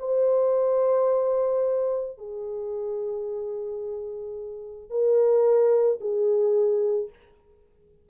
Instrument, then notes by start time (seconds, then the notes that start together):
horn
0.00 C5
2.18 G#4
4.91 A#4
6.01 G#4